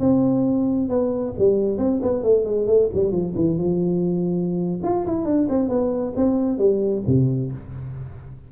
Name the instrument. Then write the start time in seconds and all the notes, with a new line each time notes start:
tuba
0.00 C4
0.89 B3
1.38 G3
1.78 C4
2.02 B3
2.23 A3
2.45 G#3
2.67 A3
2.94 G3
3.12 F3
3.35 E3
3.58 F3
4.83 F4
5.06 E4
5.25 D4
5.49 C4
5.69 B3
6.16 C4
6.58 G3
7.07 C3